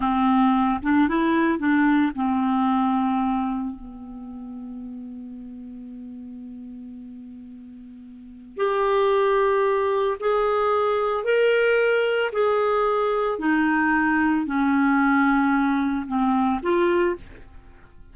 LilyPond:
\new Staff \with { instrumentName = "clarinet" } { \time 4/4 \tempo 4 = 112 c'4. d'8 e'4 d'4 | c'2. b4~ | b1~ | b1 |
g'2. gis'4~ | gis'4 ais'2 gis'4~ | gis'4 dis'2 cis'4~ | cis'2 c'4 f'4 | }